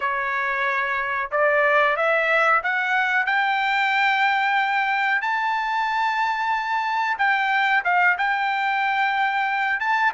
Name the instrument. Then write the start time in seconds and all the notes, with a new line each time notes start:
trumpet
0.00 C#5
1.31 D5
1.96 E5
2.63 F#5
3.25 G5
5.21 A5
7.18 G5
7.84 F5
8.18 G5
9.79 A5